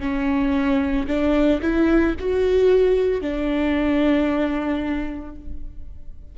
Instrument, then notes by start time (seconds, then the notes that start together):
viola
0.00 C#4
1.07 D4
1.62 E4
2.19 F#4
3.21 D4